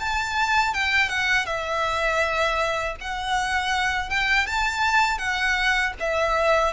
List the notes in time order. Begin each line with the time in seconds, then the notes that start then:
0.00 A5
0.74 G5
1.09 F#5
1.46 E5
3.01 F#5
4.10 G5
4.47 A5
5.18 F#5
6.00 E5